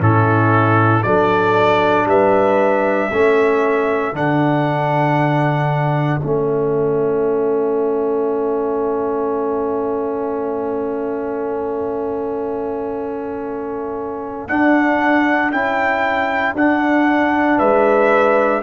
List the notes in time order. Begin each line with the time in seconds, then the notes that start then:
0.00 A2 C#4 E4 A4
1.03 F#3 D4 A4 D5
2.05 G3 B4 E5
3.11 A3 C#4 A4
4.13 D3 D4 F#5
6.20 A3 C#4 E5
14.48 D4 F#5
15.52 C#4 E4 G5
16.54 D4 F#5
17.58 G#3 B4 E5